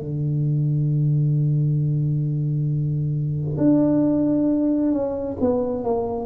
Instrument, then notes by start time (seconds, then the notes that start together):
tuba
0.00 D3
3.58 D4
4.93 C#4
5.41 B3
5.85 A#3